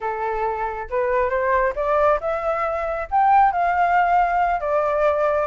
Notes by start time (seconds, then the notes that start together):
0.00 A4
0.90 B4
1.29 C5
1.75 D5
2.20 E5
3.10 G5
3.52 F5
4.60 D5